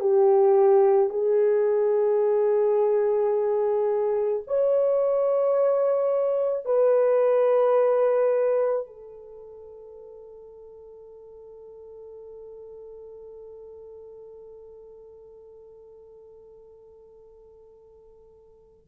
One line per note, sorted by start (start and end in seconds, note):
0.00 1.10 G4
1.10 4.43 G#4
4.47 6.65 C#5
6.65 8.86 B4
8.86 18.86 A4